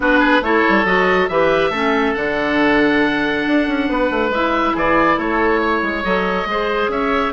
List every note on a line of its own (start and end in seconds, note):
0.00 0.40 B3
0.00 0.42 D4
0.00 0.19 F#4
0.00 0.43 B4
0.19 0.41 G#4
0.41 0.62 A3
0.41 0.85 E4
0.41 1.30 A4
0.41 0.85 C#5
0.69 0.85 G3
0.85 1.28 F#3
0.85 1.28 F#4
0.85 1.28 D#5
1.28 1.70 E3
1.28 1.72 G4
1.28 1.70 B4
1.28 2.13 E5
1.70 2.13 A3
1.70 2.15 C#4
1.70 3.86 A4
2.13 3.45 D3
2.13 4.31 D4
2.13 4.29 F#5
3.46 3.67 D4
3.67 3.88 C#4
3.88 4.10 B3
3.88 4.74 B4
4.10 4.29 A3
4.29 4.72 G#3
4.29 6.03 E4
4.29 4.76 E5
4.74 5.17 E3
4.74 5.17 G#4
4.74 5.19 D5
5.17 5.81 A3
5.17 5.60 A4
5.17 6.03 C#5
5.61 6.48 C#5
5.81 6.03 G#3
6.03 6.45 F#3
6.03 6.47 A4
6.03 6.90 D#5
6.45 6.87 G#3
6.45 7.33 G#4
6.45 6.91 C5
6.87 7.31 C#4
6.87 7.33 C#5
6.87 7.33 E5